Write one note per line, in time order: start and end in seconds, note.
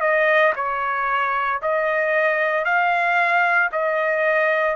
0.00 0.53 D#5
0.55 1.60 C#5
1.61 2.64 D#5
2.64 3.69 F5
3.72 4.76 D#5